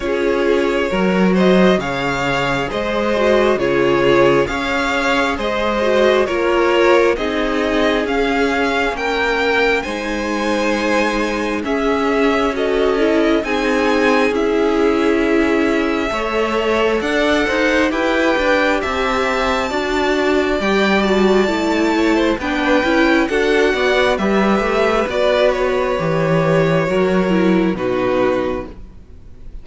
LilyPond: <<
  \new Staff \with { instrumentName = "violin" } { \time 4/4 \tempo 4 = 67 cis''4. dis''8 f''4 dis''4 | cis''4 f''4 dis''4 cis''4 | dis''4 f''4 g''4 gis''4~ | gis''4 e''4 dis''4 gis''4 |
e''2. fis''4 | g''4 a''2 g''8 a''8~ | a''4 g''4 fis''4 e''4 | d''8 cis''2~ cis''8 b'4 | }
  \new Staff \with { instrumentName = "violin" } { \time 4/4 gis'4 ais'8 c''8 cis''4 c''4 | gis'4 cis''4 c''4 ais'4 | gis'2 ais'4 c''4~ | c''4 gis'4 a'4 gis'4~ |
gis'2 cis''4 d''8 c''8 | b'4 e''4 d''2~ | d''8 cis''16 c''16 b'4 a'8 d''8 b'4~ | b'2 ais'4 fis'4 | }
  \new Staff \with { instrumentName = "viola" } { \time 4/4 f'4 fis'4 gis'4. fis'8 | f'4 gis'4. fis'8 f'4 | dis'4 cis'2 dis'4~ | dis'4 cis'4 fis'8 e'8 dis'4 |
e'2 a'2 | g'2 fis'4 g'8 fis'8 | e'4 d'8 e'8 fis'4 g'4 | fis'4 g'4 fis'8 e'8 dis'4 | }
  \new Staff \with { instrumentName = "cello" } { \time 4/4 cis'4 fis4 cis4 gis4 | cis4 cis'4 gis4 ais4 | c'4 cis'4 ais4 gis4~ | gis4 cis'2 c'4 |
cis'2 a4 d'8 dis'8 | e'8 d'8 c'4 d'4 g4 | a4 b8 cis'8 d'8 b8 g8 a8 | b4 e4 fis4 b,4 | }
>>